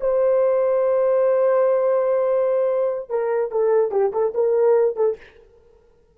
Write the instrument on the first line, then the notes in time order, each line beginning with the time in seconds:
horn
0.00 C5
3.09 A#4
3.51 A4
3.91 G4
4.12 A4
4.34 A#4
4.96 A4